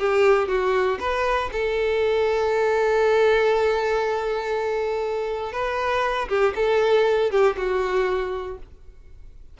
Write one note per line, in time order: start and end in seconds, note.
0.00 0.48 G4
0.48 0.99 F#4
1.00 1.50 B4
1.52 5.53 A4
5.53 6.28 B4
6.29 6.54 G4
6.56 7.31 A4
7.31 7.57 G4
7.57 8.58 F#4